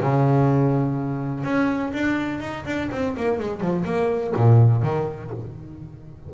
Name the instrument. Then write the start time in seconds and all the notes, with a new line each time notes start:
double bass
0.00 C#3
1.44 C#4
1.93 D4
2.40 D#4
2.65 D4
2.91 C4
3.16 A#3
3.39 G#3
3.60 F3
3.85 A#3
4.36 A#2
4.82 D#3